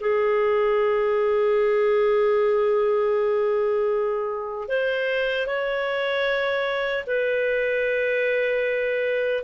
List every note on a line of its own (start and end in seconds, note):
0.00 4.68 G#4
4.68 5.46 C5
5.46 7.04 C#5
7.06 9.43 B4